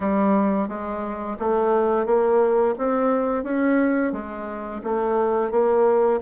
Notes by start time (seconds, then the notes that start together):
0.00 G3
0.68 G#3
1.39 A3
2.06 A#3
2.78 C4
3.43 C#4
4.12 G#3
4.83 A3
5.51 A#3